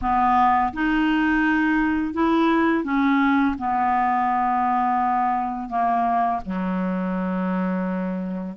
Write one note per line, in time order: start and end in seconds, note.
0.01 0.72 B3
0.73 2.13 D#4
2.13 2.84 E4
2.84 3.55 C#4
3.58 5.69 B3
5.69 6.40 A#3
6.44 8.56 F#3